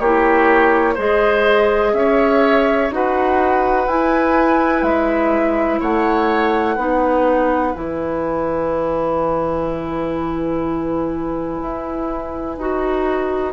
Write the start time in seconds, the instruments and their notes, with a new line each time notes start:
0.00 bassoon A#3, clarinet E4, oboe G4, flute C#5
0.95 bassoon G#3, clarinet G#4, oboe C5, flute D#5
1.93 bassoon C#4, oboe C#5, flute E5
2.91 bassoon D#4, clarinet F#4, oboe B4, flute F#5
3.87 bassoon E4, clarinet E4, flute G#5
4.83 bassoon G#3, flute E5
5.80 bassoon A3, oboe C#5, flute F#5
6.76 bassoon B3, clarinet D#4, oboe B4
7.75 bassoon E3, clarinet E4, flute G#5
11.61 bassoon E4
12.58 bassoon D#4, clarinet F#4